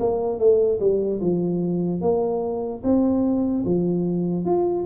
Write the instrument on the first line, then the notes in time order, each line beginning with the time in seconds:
tuba
0.00 A#3
0.39 A3
0.80 G3
1.21 F3
2.01 A#3
2.83 C4
3.65 F3
4.45 F4